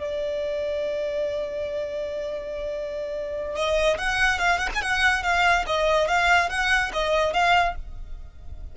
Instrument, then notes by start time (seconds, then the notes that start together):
violin
0.00 D5
3.56 D#5
3.98 F#5
4.39 F5
4.59 F#5
4.75 G#5
4.82 F#5
5.23 F5
5.67 D#5
6.08 F5
6.50 F#5
6.93 D#5
7.34 F5